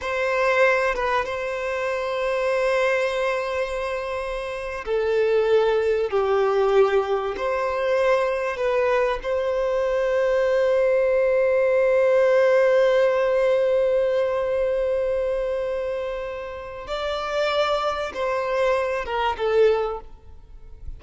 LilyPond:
\new Staff \with { instrumentName = "violin" } { \time 4/4 \tempo 4 = 96 c''4. b'8 c''2~ | c''2.~ c''8. a'16~ | a'4.~ a'16 g'2 c''16~ | c''4.~ c''16 b'4 c''4~ c''16~ |
c''1~ | c''1~ | c''2. d''4~ | d''4 c''4. ais'8 a'4 | }